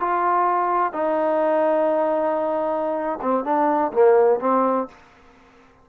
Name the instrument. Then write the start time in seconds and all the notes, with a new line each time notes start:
trombone
0.00 F4
0.93 D#4
3.22 C4
3.45 D4
3.93 A#3
4.40 C4